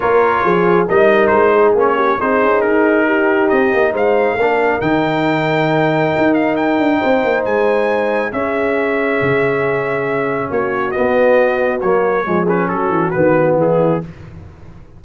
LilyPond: <<
  \new Staff \with { instrumentName = "trumpet" } { \time 4/4 \tempo 4 = 137 cis''2 dis''4 c''4 | cis''4 c''4 ais'2 | dis''4 f''2 g''4~ | g''2~ g''8 f''8 g''4~ |
g''4 gis''2 e''4~ | e''1 | cis''4 dis''2 cis''4~ | cis''8 b'8 a'4 b'4 gis'4 | }
  \new Staff \with { instrumentName = "horn" } { \time 4/4 ais'4 gis'4 ais'4. gis'8~ | gis'8 g'8 gis'2 g'4~ | g'4 c''4 ais'2~ | ais'1 |
c''2. gis'4~ | gis'1 | fis'1 | gis'4 fis'2 e'4 | }
  \new Staff \with { instrumentName = "trombone" } { \time 4/4 f'2 dis'2 | cis'4 dis'2.~ | dis'2 d'4 dis'4~ | dis'1~ |
dis'2. cis'4~ | cis'1~ | cis'4 b2 ais4 | gis8 cis'4. b2 | }
  \new Staff \with { instrumentName = "tuba" } { \time 4/4 ais4 f4 g4 gis4 | ais4 c'8 cis'8 dis'2 | c'8 ais8 gis4 ais4 dis4~ | dis2 dis'4. d'8 |
c'8 ais8 gis2 cis'4~ | cis'4 cis2. | ais4 b2 fis4 | f4 fis8 e8 dis4 e4 | }
>>